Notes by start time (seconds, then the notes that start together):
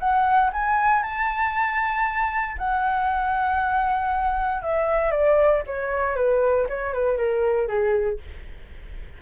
0.00 F#5
0.53 G#5
1.03 A5
2.59 F#5
4.62 E5
5.12 D5
5.67 C#5
6.16 B4
6.69 C#5
6.94 B4
7.18 A#4
7.68 G#4